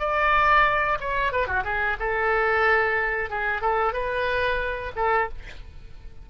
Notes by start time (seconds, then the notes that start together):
0.00 D5
1.01 C#5
1.33 B4
1.47 F#4
1.65 G#4
2.00 A4
3.30 G#4
3.62 A4
3.94 B4
4.96 A4